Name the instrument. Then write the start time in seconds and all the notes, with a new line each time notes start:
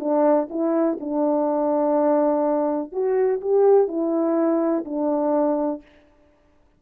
horn
0.00 D4
0.50 E4
1.01 D4
2.92 F#4
3.41 G4
3.88 E4
4.85 D4